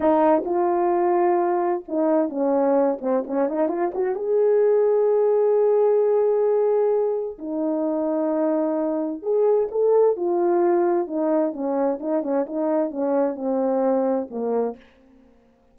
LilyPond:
\new Staff \with { instrumentName = "horn" } { \time 4/4 \tempo 4 = 130 dis'4 f'2. | dis'4 cis'4. c'8 cis'8 dis'8 | f'8 fis'8 gis'2.~ | gis'1 |
dis'1 | gis'4 a'4 f'2 | dis'4 cis'4 dis'8 cis'8 dis'4 | cis'4 c'2 ais4 | }